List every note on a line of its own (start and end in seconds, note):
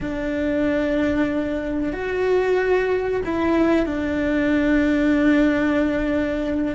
0.01 1.92 D4
1.92 3.21 F#4
3.25 3.86 E4
3.86 6.75 D4